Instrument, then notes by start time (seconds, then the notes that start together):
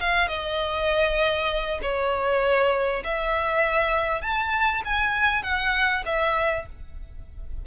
violin
0.00 F5
0.28 D#5
1.82 C#5
3.04 E5
4.21 A5
4.85 G#5
5.43 F#5
6.06 E5